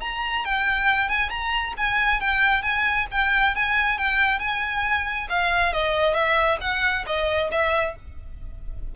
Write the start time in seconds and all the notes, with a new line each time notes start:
0.00 A#5
0.44 G5
1.08 G#5
1.29 A#5
1.77 G#5
2.20 G5
2.62 G#5
3.11 G5
3.55 G#5
3.97 G5
4.39 G#5
5.29 F5
5.72 D#5
6.13 E5
6.61 F#5
7.06 D#5
7.51 E5